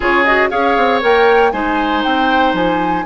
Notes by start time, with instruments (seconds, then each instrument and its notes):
0.00 bassoon C#3, clarinet F4, oboe G#4, flute C#5
0.24 clarinet F#4, flute D#5
0.50 bassoon C#4, clarinet G#4, oboe C#5, flute F5
0.77 bassoon C4
1.01 bassoon A#3, clarinet A#4, flute G5
1.51 bassoon G#3, clarinet D#4, oboe C5, flute G#5
2.03 bassoon C4, flute G5
2.53 bassoon F3, flute G#5